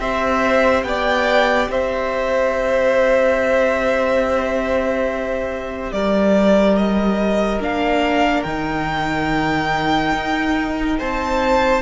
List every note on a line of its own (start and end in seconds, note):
0.00 0.84 C4
0.00 7.61 G4
0.00 0.85 C5
0.00 0.84 E5
0.84 1.68 B3
0.84 1.71 D5
0.84 1.68 G5
1.69 5.92 C4
1.69 5.93 C5
1.69 5.93 E5
5.93 7.60 G3
5.93 10.99 A#4
5.93 6.77 D5
6.78 7.62 D#5
7.60 8.44 A#3
7.60 8.46 D4
7.60 8.43 F5
8.43 10.13 D#3
8.43 11.82 D#4
8.43 10.97 G5
10.13 10.97 D#4
10.99 11.82 C4
10.99 11.82 C5
10.99 11.82 A5